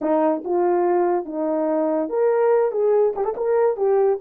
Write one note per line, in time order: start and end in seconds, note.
0.01 0.43 D#4
0.44 1.25 F4
1.25 2.09 D#4
2.09 2.71 A#4
2.71 3.13 G#4
3.15 3.24 G4
3.24 3.35 A4
3.37 3.76 A#4
3.76 4.18 G4